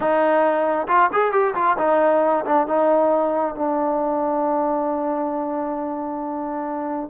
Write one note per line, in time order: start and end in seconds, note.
0.00 0.87 D#4
0.88 1.10 F4
1.12 1.32 G#4
1.32 1.54 G4
1.54 1.77 F4
1.78 2.44 D#4
2.45 2.67 D4
2.67 3.55 D#4
3.55 7.10 D4